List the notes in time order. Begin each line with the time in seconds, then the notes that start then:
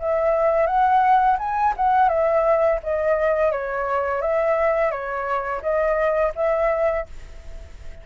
0.00 E5
0.66 F#5
1.39 G#5
1.76 F#5
2.09 E5
2.83 D#5
3.52 C#5
4.22 E5
4.91 C#5
5.62 D#5
6.36 E5